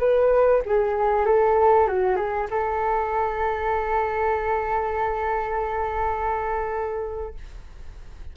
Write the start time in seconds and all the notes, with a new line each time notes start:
0.00 B4
0.66 G#4
1.26 A4
1.88 F#4
2.16 G#4
2.51 A4